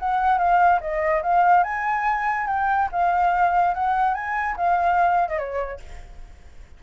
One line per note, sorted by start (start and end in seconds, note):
0.00 0.38 F#5
0.38 0.80 F5
0.81 1.23 D#5
1.23 1.64 F5
1.64 2.47 G#5
2.48 2.89 G5
2.92 3.75 F5
3.75 4.15 F#5
4.15 4.56 G#5
4.57 5.29 F5
5.29 5.39 D#5
5.39 5.80 C#5